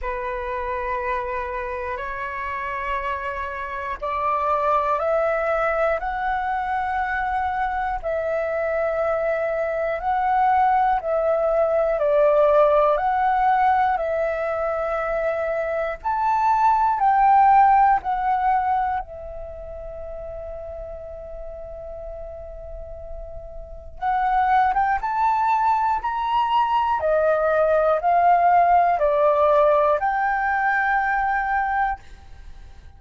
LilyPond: \new Staff \with { instrumentName = "flute" } { \time 4/4 \tempo 4 = 60 b'2 cis''2 | d''4 e''4 fis''2 | e''2 fis''4 e''4 | d''4 fis''4 e''2 |
a''4 g''4 fis''4 e''4~ | e''1 | fis''8. g''16 a''4 ais''4 dis''4 | f''4 d''4 g''2 | }